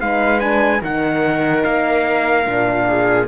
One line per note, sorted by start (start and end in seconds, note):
0.00 0.82 G#3
0.00 0.40 D#4
0.00 0.81 B4
0.00 0.40 F5
0.40 0.81 D4
0.40 0.81 G#5
0.81 1.64 D#3
0.81 2.46 D#4
0.81 2.86 A#4
0.81 1.64 F#5
1.64 2.46 A#3
1.64 3.28 F5
2.46 3.28 A#2
2.46 3.28 D4
2.88 3.28 G#4